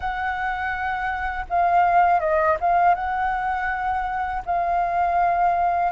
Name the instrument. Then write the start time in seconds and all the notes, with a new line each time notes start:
flute
0.00 F#5
1.49 F5
2.20 D#5
2.60 F5
2.95 F#5
4.45 F5